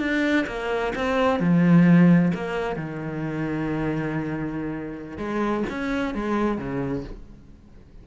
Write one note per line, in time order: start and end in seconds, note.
0.00 0.46 D4
0.47 0.93 A#3
0.95 1.40 C4
1.40 2.32 F3
2.35 2.76 A#3
2.76 5.18 D#3
5.18 5.64 G#3
5.70 6.15 C#4
6.15 6.58 G#3
6.58 7.04 C#3